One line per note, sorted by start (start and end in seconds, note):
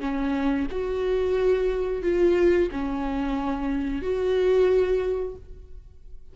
0.00 0.67 C#4
0.71 2.02 F#4
2.02 2.69 F4
2.72 4.02 C#4
4.02 5.35 F#4